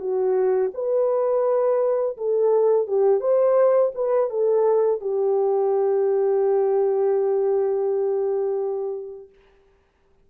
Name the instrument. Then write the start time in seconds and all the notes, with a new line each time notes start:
horn
0.00 F#4
0.74 B4
2.17 A4
2.87 G4
3.21 C5
3.95 B4
4.30 A4
5.01 G4